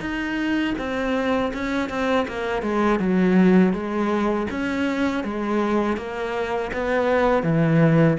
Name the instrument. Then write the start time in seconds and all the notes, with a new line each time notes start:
cello
0.00 D#4
0.78 C4
1.53 C#4
1.89 C4
2.28 A#3
2.62 G#3
2.99 F#3
3.73 G#3
4.50 C#4
5.23 G#3
5.97 A#3
6.73 B3
7.43 E3